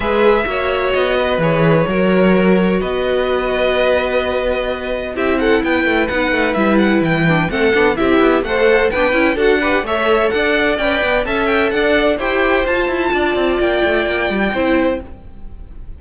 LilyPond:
<<
  \new Staff \with { instrumentName = "violin" } { \time 4/4 \tempo 4 = 128 e''2 dis''4 cis''4~ | cis''2 dis''2~ | dis''2. e''8 fis''8 | g''4 fis''4 e''8 fis''8 g''4 |
fis''4 e''4 fis''4 g''4 | fis''4 e''4 fis''4 g''4 | a''8 g''8 fis''4 g''4 a''4~ | a''4 g''2. | }
  \new Staff \with { instrumentName = "violin" } { \time 4/4 b'4 cis''4. b'4. | ais'2 b'2~ | b'2. g'8 a'8 | b'1 |
a'4 g'4 c''4 b'4 | a'8 b'8 cis''4 d''2 | e''4 d''4 c''2 | d''2. c''4 | }
  \new Staff \with { instrumentName = "viola" } { \time 4/4 gis'4 fis'2 gis'4 | fis'1~ | fis'2. e'4~ | e'4 dis'4 e'4. d'8 |
c'8 d'8 e'4 a'4 d'8 e'8 | fis'8 g'8 a'2 b'4 | a'2 g'4 f'4~ | f'2. e'4 | }
  \new Staff \with { instrumentName = "cello" } { \time 4/4 gis4 ais4 b4 e4 | fis2 b2~ | b2. c'4 | b8 a8 b8 a8 g4 e4 |
a8 b8 c'8 b8 a4 b8 cis'8 | d'4 a4 d'4 cis'8 b8 | cis'4 d'4 e'4 f'8 e'8 | d'8 c'8 ais8 a8 ais8 g8 c'4 | }
>>